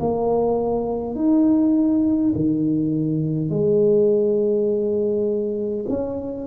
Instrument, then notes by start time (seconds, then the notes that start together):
tuba
0.00 A#3
1.16 D#4
2.35 D#3
3.50 G#3
5.89 C#4